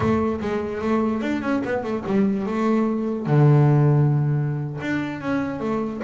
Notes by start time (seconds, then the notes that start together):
0.00 A3
0.40 G#3
0.81 A3
1.21 D4
1.42 C#4
1.64 B3
1.83 A3
2.06 G3
2.46 A3
3.26 D3
4.81 D4
5.20 C#4
5.60 A3